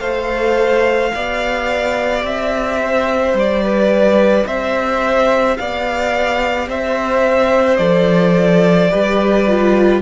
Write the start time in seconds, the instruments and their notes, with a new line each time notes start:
0.00 cello A3, viola A4, violin C5 F5
1.13 cello B3, viola G4, violin D5
2.23 cello C4, violin E5
2.82 violin C5
3.34 cello G3, violin D5
3.64 violin B4
4.46 cello C4, violin C5 E5
5.57 cello B3, violin D5 F5
6.68 cello C4, violin C5 E5
7.77 cello F3, viola A4, violin D5
8.91 cello G3, viola G4, violin B4
9.48 viola F4